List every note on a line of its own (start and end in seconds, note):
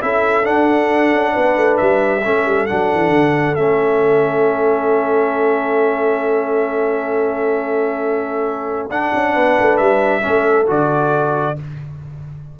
0.00 0.47 C#4
0.00 0.43 E4
0.00 1.33 A4
0.00 0.45 E5
0.43 2.21 D4
0.43 1.13 D4
0.43 1.77 F#5
1.13 1.35 C#4
1.33 1.56 B3
1.33 2.22 B4
1.56 1.79 A3
1.77 2.25 G3
1.77 2.66 E5
2.23 2.45 A3
2.23 2.68 C#4
2.23 9.32 A4
2.45 2.67 G3
2.66 2.93 F#3
2.66 3.57 D4
2.66 3.55 F#5
2.94 3.09 E3
3.09 3.53 D3
3.55 8.90 A3
3.55 8.90 C#4
3.55 8.88 E5
8.90 9.12 D4
8.90 10.21 D4
8.90 9.77 F#5
9.13 9.35 C#4
9.32 9.57 B3
9.32 10.21 B4
9.59 9.79 A3
9.77 10.24 G3
9.77 10.65 E5
10.21 10.69 A3
10.21 10.66 C#4
10.21 11.59 A4
10.67 11.58 D3
10.67 11.55 F#4
10.67 11.59 D5